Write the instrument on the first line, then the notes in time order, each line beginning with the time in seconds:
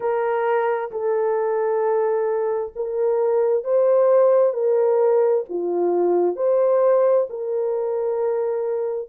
horn
0.00 A#4
0.91 A4
2.75 A#4
3.64 C5
4.53 A#4
5.49 F4
6.36 C5
7.29 A#4